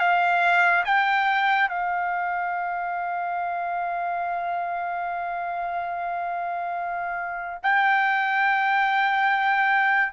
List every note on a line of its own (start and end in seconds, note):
0.00 0.85 F5
0.86 1.69 G5
1.69 7.61 F5
7.63 10.13 G5